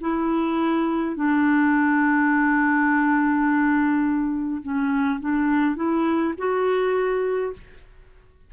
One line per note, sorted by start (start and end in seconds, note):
0.00 1.15 E4
1.15 4.62 D4
4.62 5.20 C#4
5.20 5.76 D4
5.76 6.34 E4
6.37 7.53 F#4